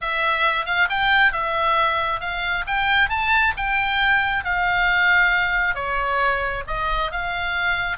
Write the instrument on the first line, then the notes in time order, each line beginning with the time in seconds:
oboe
0.01 E5
0.65 F5
0.89 G5
1.32 E5
2.20 F5
2.66 G5
3.09 A5
3.57 G5
4.44 F5
5.74 C#5
6.67 D#5
7.11 F5